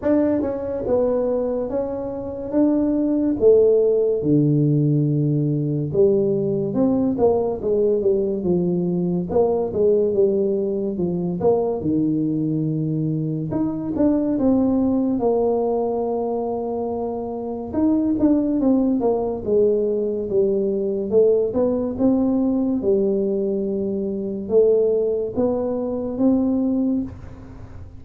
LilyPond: \new Staff \with { instrumentName = "tuba" } { \time 4/4 \tempo 4 = 71 d'8 cis'8 b4 cis'4 d'4 | a4 d2 g4 | c'8 ais8 gis8 g8 f4 ais8 gis8 | g4 f8 ais8 dis2 |
dis'8 d'8 c'4 ais2~ | ais4 dis'8 d'8 c'8 ais8 gis4 | g4 a8 b8 c'4 g4~ | g4 a4 b4 c'4 | }